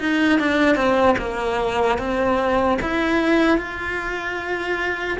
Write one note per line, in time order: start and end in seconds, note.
0.00 0.40 D#4
0.40 0.76 D4
0.76 1.16 C4
1.19 1.98 A#3
1.98 2.78 C4
2.82 3.58 E4
3.58 5.18 F4